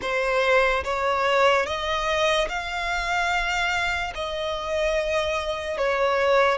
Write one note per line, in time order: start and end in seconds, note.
0.01 0.83 C5
0.84 1.66 C#5
1.66 2.48 D#5
2.48 4.13 F5
4.14 5.77 D#5
5.77 6.58 C#5